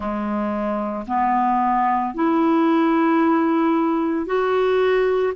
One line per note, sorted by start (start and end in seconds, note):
0.00 1.05 G#3
1.07 2.14 B3
2.14 4.26 E4
4.26 5.33 F#4